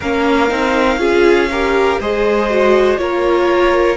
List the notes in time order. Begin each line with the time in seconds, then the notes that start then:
0.00 A#3 C#4 A#4 F5
0.49 C4 D#4
0.97 C#4 F4 G#4
1.50 G4 A#4
2.00 G#3 G#4 C5 D#5
2.49 F#4
2.97 A#3 F4 A#4 C#5